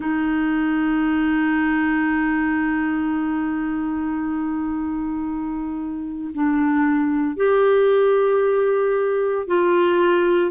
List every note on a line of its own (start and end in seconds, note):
0.00 6.31 D#4
6.34 7.36 D4
7.36 9.47 G4
9.47 10.51 F4